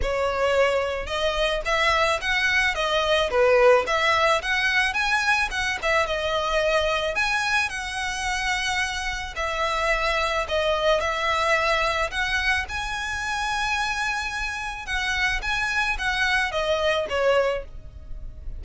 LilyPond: \new Staff \with { instrumentName = "violin" } { \time 4/4 \tempo 4 = 109 cis''2 dis''4 e''4 | fis''4 dis''4 b'4 e''4 | fis''4 gis''4 fis''8 e''8 dis''4~ | dis''4 gis''4 fis''2~ |
fis''4 e''2 dis''4 | e''2 fis''4 gis''4~ | gis''2. fis''4 | gis''4 fis''4 dis''4 cis''4 | }